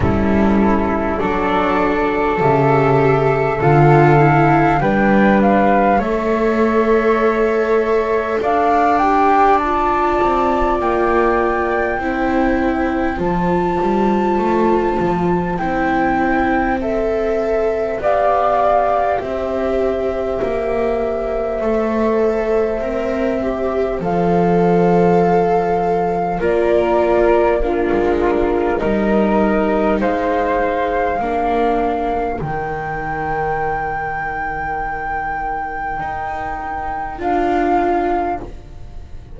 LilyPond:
<<
  \new Staff \with { instrumentName = "flute" } { \time 4/4 \tempo 4 = 50 a'4 d''4 e''4 f''4 | g''8 f''8 e''2 f''8 g''8 | a''4 g''2 a''4~ | a''4 g''4 e''4 f''4 |
e''1 | f''2 d''4 ais'4 | dis''4 f''2 g''4~ | g''2. f''4 | }
  \new Staff \with { instrumentName = "flute" } { \time 4/4 e'4 a'2. | b'4 cis''2 d''4~ | d''2 c''2~ | c''2. d''4 |
c''1~ | c''2 ais'4 f'4 | ais'4 c''4 ais'2~ | ais'1 | }
  \new Staff \with { instrumentName = "viola" } { \time 4/4 cis'4 d'4 g'4 f'8 e'8 | d'4 a'2~ a'8 g'8 | f'2 e'4 f'4~ | f'4 e'4 a'4 g'4~ |
g'2 a'4 ais'8 g'8 | a'2 f'4 d'4 | dis'2 d'4 dis'4~ | dis'2. f'4 | }
  \new Staff \with { instrumentName = "double bass" } { \time 4/4 g4 fis4 cis4 d4 | g4 a2 d'4~ | d'8 c'8 ais4 c'4 f8 g8 | a8 f8 c'2 b4 |
c'4 ais4 a4 c'4 | f2 ais4~ ais16 gis8. | g4 gis4 ais4 dis4~ | dis2 dis'4 d'4 | }
>>